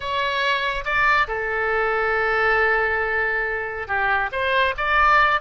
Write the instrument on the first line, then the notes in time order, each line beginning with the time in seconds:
oboe
0.00 C#5
0.85 D5
1.27 A4
3.87 G4
4.32 C5
4.77 D5